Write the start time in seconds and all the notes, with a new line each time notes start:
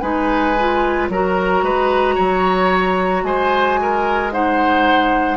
0.00 G#3 D#4 B4 G#5
0.59 F4
1.08 F#3 F#4 A#4 A#5
1.62 G#3 B4
2.15 F#3 C#5
3.23 G#3 C5 G#5
3.81 A#4
4.32 D#4 C5 F#5